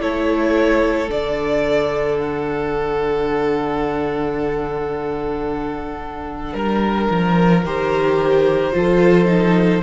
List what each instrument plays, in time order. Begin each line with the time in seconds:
0.00 cello A3, viola E4, violin A4 C#5
1.09 cello D3, viola D4, violin D5
2.20 violin F#5
6.53 cello G3, violin A#4
7.10 cello F3
7.64 cello D#3, viola G4, violin C5
8.73 cello F3, viola F4, violin A4
9.25 viola D#4